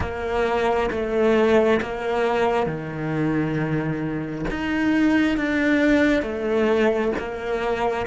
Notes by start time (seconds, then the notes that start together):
0.00 A#3
0.90 A3
1.82 A#3
2.66 D#3
4.50 D#4
5.37 D4
6.22 A3
7.18 A#3